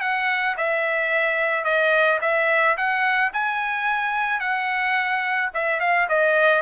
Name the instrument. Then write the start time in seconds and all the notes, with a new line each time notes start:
trumpet
0.00 F#5
0.57 E5
1.64 D#5
2.21 E5
2.77 F#5
3.33 G#5
4.40 F#5
5.53 E5
5.80 F5
6.09 D#5